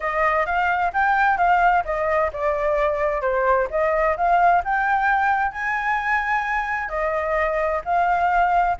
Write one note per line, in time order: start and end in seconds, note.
0.00 0.46 D#5
0.46 0.92 F5
0.93 1.37 G5
1.37 1.83 F5
1.85 2.31 D#5
2.32 3.21 D5
3.21 3.67 C5
3.70 4.16 D#5
4.16 4.62 F5
4.64 5.51 G5
5.51 6.89 G#5
6.89 7.81 D#5
7.84 8.77 F5